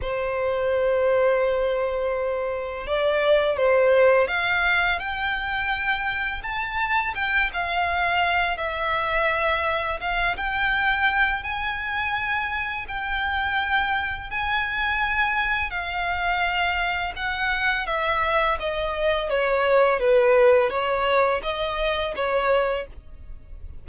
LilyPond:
\new Staff \with { instrumentName = "violin" } { \time 4/4 \tempo 4 = 84 c''1 | d''4 c''4 f''4 g''4~ | g''4 a''4 g''8 f''4. | e''2 f''8 g''4. |
gis''2 g''2 | gis''2 f''2 | fis''4 e''4 dis''4 cis''4 | b'4 cis''4 dis''4 cis''4 | }